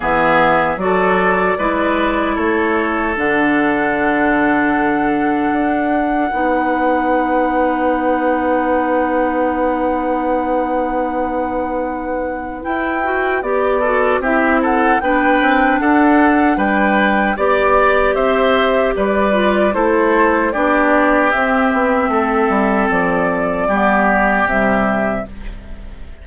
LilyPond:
<<
  \new Staff \with { instrumentName = "flute" } { \time 4/4 \tempo 4 = 76 e''4 d''2 cis''4 | fis''1~ | fis''1~ | fis''1 |
g''4 d''4 e''8 fis''8 g''4 | fis''4 g''4 d''4 e''4 | d''4 c''4 d''4 e''4~ | e''4 d''2 e''4 | }
  \new Staff \with { instrumentName = "oboe" } { \time 4/4 gis'4 a'4 b'4 a'4~ | a'1 | b'1~ | b'1~ |
b'4. a'8 g'8 a'8 b'4 | a'4 b'4 d''4 c''4 | b'4 a'4 g'2 | a'2 g'2 | }
  \new Staff \with { instrumentName = "clarinet" } { \time 4/4 b4 fis'4 e'2 | d'1 | dis'1~ | dis'1 |
e'8 fis'8 g'8 fis'8 e'4 d'4~ | d'2 g'2~ | g'8 f'8 e'4 d'4 c'4~ | c'2 b4 g4 | }
  \new Staff \with { instrumentName = "bassoon" } { \time 4/4 e4 fis4 gis4 a4 | d2. d'4 | b1~ | b1 |
e'4 b4 c'4 b8 c'8 | d'4 g4 b4 c'4 | g4 a4 b4 c'8 b8 | a8 g8 f4 g4 c4 | }
>>